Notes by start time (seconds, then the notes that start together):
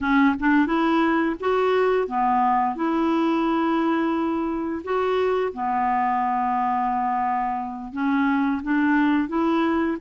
0.00 C#4
0.39 D4
0.66 E4
1.40 F#4
2.07 B3
2.75 E4
4.83 F#4
5.53 B3
7.92 C#4
8.62 D4
9.28 E4